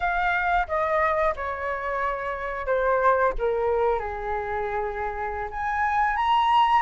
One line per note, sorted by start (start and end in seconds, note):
0.00 0.67 F5
0.67 1.34 D#5
1.36 2.66 C#5
2.66 3.32 C5
3.38 3.98 A#4
3.98 5.48 G#4
5.50 6.16 G#5
6.16 6.82 A#5